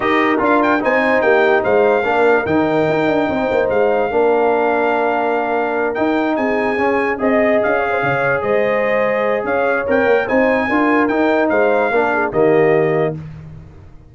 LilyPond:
<<
  \new Staff \with { instrumentName = "trumpet" } { \time 4/4 \tempo 4 = 146 dis''4 f''8 g''8 gis''4 g''4 | f''2 g''2~ | g''4 f''2.~ | f''2~ f''8 g''4 gis''8~ |
gis''4. dis''4 f''4.~ | f''8 dis''2~ dis''8 f''4 | g''4 gis''2 g''4 | f''2 dis''2 | }
  \new Staff \with { instrumentName = "horn" } { \time 4/4 ais'2 c''4 g'4 | c''4 ais'2. | c''2 ais'2~ | ais'2.~ ais'8 gis'8~ |
gis'4. dis''4. cis''16 c''16 cis''8~ | cis''8 c''2~ c''8 cis''4~ | cis''4 c''4 ais'2 | c''4 ais'8 gis'8 g'2 | }
  \new Staff \with { instrumentName = "trombone" } { \time 4/4 g'4 f'4 dis'2~ | dis'4 d'4 dis'2~ | dis'2 d'2~ | d'2~ d'8 dis'4.~ |
dis'8 cis'4 gis'2~ gis'8~ | gis'1 | ais'4 dis'4 f'4 dis'4~ | dis'4 d'4 ais2 | }
  \new Staff \with { instrumentName = "tuba" } { \time 4/4 dis'4 d'4 c'4 ais4 | gis4 ais4 dis4 dis'8 d'8 | c'8 ais8 gis4 ais2~ | ais2~ ais8 dis'4 c'8~ |
c'8 cis'4 c'4 cis'4 cis8~ | cis8 gis2~ gis8 cis'4 | c'8 ais8 c'4 d'4 dis'4 | gis4 ais4 dis2 | }
>>